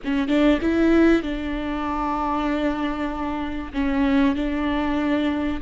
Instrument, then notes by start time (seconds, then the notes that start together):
viola
0.04 C#4
0.28 D4
0.61 E4
1.22 D4
3.73 C#4
4.35 D4